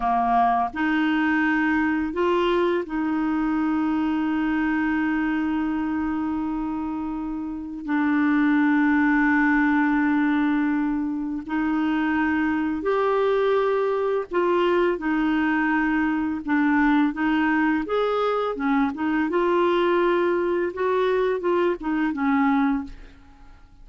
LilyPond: \new Staff \with { instrumentName = "clarinet" } { \time 4/4 \tempo 4 = 84 ais4 dis'2 f'4 | dis'1~ | dis'2. d'4~ | d'1 |
dis'2 g'2 | f'4 dis'2 d'4 | dis'4 gis'4 cis'8 dis'8 f'4~ | f'4 fis'4 f'8 dis'8 cis'4 | }